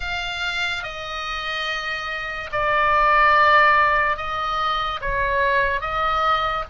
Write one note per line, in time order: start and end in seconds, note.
0.00 0.83 F5
0.83 2.50 D#5
2.52 4.16 D5
4.16 5.00 D#5
5.01 5.81 C#5
5.81 6.64 D#5